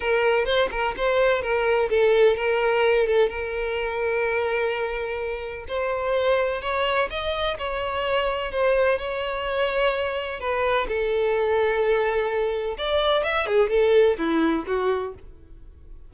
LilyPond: \new Staff \with { instrumentName = "violin" } { \time 4/4 \tempo 4 = 127 ais'4 c''8 ais'8 c''4 ais'4 | a'4 ais'4. a'8 ais'4~ | ais'1 | c''2 cis''4 dis''4 |
cis''2 c''4 cis''4~ | cis''2 b'4 a'4~ | a'2. d''4 | e''8 gis'8 a'4 e'4 fis'4 | }